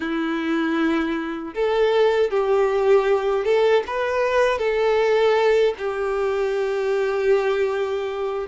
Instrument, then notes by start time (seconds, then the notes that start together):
violin
0.00 E4
1.54 A4
2.30 G4
3.44 A4
3.86 B4
4.58 A4
5.78 G4